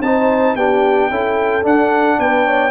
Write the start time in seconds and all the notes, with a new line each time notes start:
0.00 C4 D#4 C5 A5
0.55 B3 D4 G4 G5
1.10 C#4 E4 A4
1.62 D4 F#5
2.19 B3 B4 G5
2.45 C#5